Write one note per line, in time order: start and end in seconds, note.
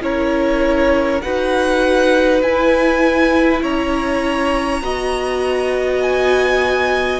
0.00 1.21 C#4
0.00 1.20 E4
0.00 1.23 A#4
0.00 1.21 C#5
1.21 2.42 D#4
1.21 2.43 F#4
1.21 3.62 B4
1.21 2.41 F#5
2.42 3.62 E4
2.42 4.83 E4
2.42 3.62 G#5
3.62 4.81 C#4
3.62 4.82 C#5
3.62 6.02 A#5
4.81 7.20 B3
4.81 7.20 F#4
4.81 7.20 D#5
6.02 7.20 G#5